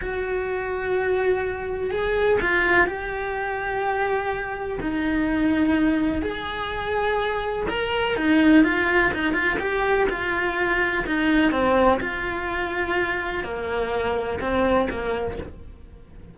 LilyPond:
\new Staff \with { instrumentName = "cello" } { \time 4/4 \tempo 4 = 125 fis'1 | gis'4 f'4 g'2~ | g'2 dis'2~ | dis'4 gis'2. |
ais'4 dis'4 f'4 dis'8 f'8 | g'4 f'2 dis'4 | c'4 f'2. | ais2 c'4 ais4 | }